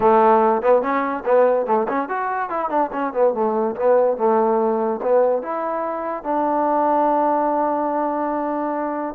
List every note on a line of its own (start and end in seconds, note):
0.00 0.61 A3
0.61 0.82 B3
0.82 1.23 C#4
1.25 1.66 B3
1.66 1.87 A3
1.88 2.09 C#4
2.09 2.49 F#4
2.49 2.69 E4
2.69 2.90 D4
2.92 3.13 C#4
3.13 3.34 B3
3.34 3.75 A3
3.75 4.17 B3
4.17 5.00 A3
5.02 5.42 B3
5.42 6.23 E4
6.23 9.15 D4